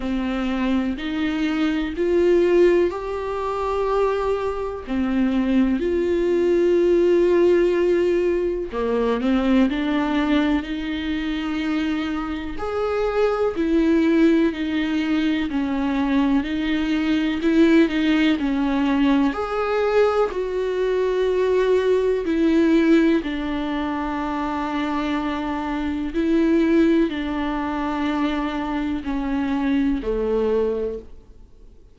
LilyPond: \new Staff \with { instrumentName = "viola" } { \time 4/4 \tempo 4 = 62 c'4 dis'4 f'4 g'4~ | g'4 c'4 f'2~ | f'4 ais8 c'8 d'4 dis'4~ | dis'4 gis'4 e'4 dis'4 |
cis'4 dis'4 e'8 dis'8 cis'4 | gis'4 fis'2 e'4 | d'2. e'4 | d'2 cis'4 a4 | }